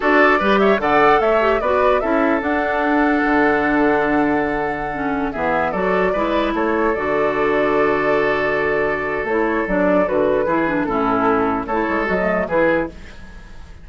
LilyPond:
<<
  \new Staff \with { instrumentName = "flute" } { \time 4/4 \tempo 4 = 149 d''4. e''8 fis''4 e''4 | d''4 e''4 fis''2~ | fis''1~ | fis''4~ fis''16 e''4 d''4.~ d''16~ |
d''16 cis''4 d''2~ d''8.~ | d''2. cis''4 | d''4 b'2 a'4~ | a'4 cis''4 dis''4 b'4 | }
  \new Staff \with { instrumentName = "oboe" } { \time 4/4 a'4 b'8 cis''8 d''4 cis''4 | b'4 a'2.~ | a'1~ | a'4~ a'16 gis'4 a'4 b'8.~ |
b'16 a'2.~ a'8.~ | a'1~ | a'2 gis'4 e'4~ | e'4 a'2 gis'4 | }
  \new Staff \with { instrumentName = "clarinet" } { \time 4/4 fis'4 g'4 a'4. g'8 | fis'4 e'4 d'2~ | d'1~ | d'16 cis'4 b4 fis'4 e'8.~ |
e'4~ e'16 fis'2~ fis'8.~ | fis'2. e'4 | d'4 fis'4 e'8 d'8 cis'4~ | cis'4 e'4 fis'16 a8. e'4 | }
  \new Staff \with { instrumentName = "bassoon" } { \time 4/4 d'4 g4 d4 a4 | b4 cis'4 d'2 | d1~ | d4~ d16 e4 fis4 gis8.~ |
gis16 a4 d2~ d8.~ | d2. a4 | fis4 d4 e4 a,4~ | a,4 a8 gis8 fis4 e4 | }
>>